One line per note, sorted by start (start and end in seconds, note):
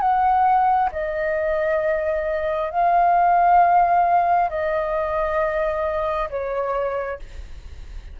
0.00 0.90 F#5
0.92 2.71 D#5
2.71 4.50 F5
4.50 6.29 D#5
6.29 7.19 C#5